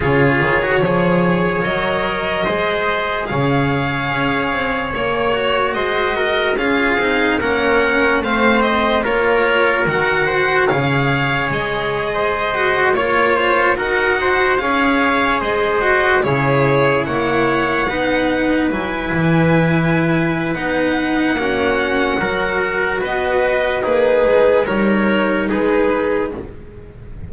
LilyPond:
<<
  \new Staff \with { instrumentName = "violin" } { \time 4/4 \tempo 4 = 73 cis''2 dis''2 | f''2 cis''4 dis''4 | f''4 fis''4 f''8 dis''8 cis''4 | fis''4 f''4 dis''4.~ dis''16 cis''16~ |
cis''8. fis''4 f''4 dis''4 cis''16~ | cis''8. fis''2 gis''4~ gis''16~ | gis''4 fis''2. | dis''4 b'4 cis''4 b'4 | }
  \new Staff \with { instrumentName = "trumpet" } { \time 4/4 gis'4 cis''2 c''4 | cis''2. c''8 ais'8 | gis'4 ais'4 c''4 ais'4~ | ais'8 c''8 cis''4.~ cis''16 c''4 cis''16~ |
cis''16 c''8 ais'8 c''8 cis''4 c''4 gis'16~ | gis'8. cis''4 b'2~ b'16~ | b'2 fis'4 ais'4 | b'4 dis'4 ais'4 gis'4 | }
  \new Staff \with { instrumentName = "cello" } { \time 4/4 f'8. fis'16 gis'4 ais'4 gis'4~ | gis'2~ gis'8 fis'4. | f'8 dis'8 cis'4 c'4 f'4 | fis'4 gis'2~ gis'16 fis'8 f'16~ |
f'8. fis'4 gis'4. fis'8 e'16~ | e'4.~ e'16 dis'4 e'4~ e'16~ | e'4 dis'4 cis'4 fis'4~ | fis'4 gis'4 dis'2 | }
  \new Staff \with { instrumentName = "double bass" } { \time 4/4 cis8 dis8 f4 fis4 gis4 | cis4 cis'8 c'8 ais4 gis4 | cis'8 c'8 ais4 a4 ais4 | dis4 cis4 gis4.~ gis16 ais16~ |
ais8. dis'4 cis'4 gis4 cis16~ | cis8. ais4 b4 fis8 e8.~ | e4 b4 ais4 fis4 | b4 ais8 gis8 g4 gis4 | }
>>